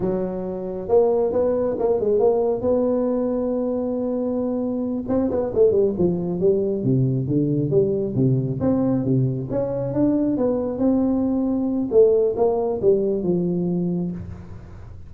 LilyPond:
\new Staff \with { instrumentName = "tuba" } { \time 4/4 \tempo 4 = 136 fis2 ais4 b4 | ais8 gis8 ais4 b2~ | b2.~ b8 c'8 | b8 a8 g8 f4 g4 c8~ |
c8 d4 g4 c4 c'8~ | c'8 c4 cis'4 d'4 b8~ | b8 c'2~ c'8 a4 | ais4 g4 f2 | }